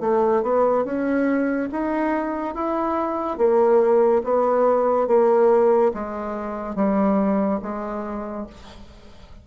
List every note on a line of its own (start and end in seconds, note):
0.00 0.42 A3
0.42 0.85 B3
0.85 1.69 C#4
1.72 2.54 D#4
2.54 3.38 E4
3.38 4.22 A#3
4.24 5.07 B3
5.07 5.92 A#3
5.93 6.75 G#3
6.75 7.60 G3
7.62 8.47 G#3